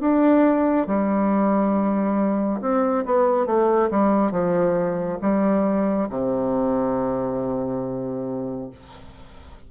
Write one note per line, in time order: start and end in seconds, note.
0.00 0.87 D4
0.87 2.60 G3
2.60 3.04 C4
3.05 3.46 B3
3.46 3.89 A3
3.90 4.31 G3
4.31 5.18 F3
5.21 6.08 G3
6.09 8.70 C3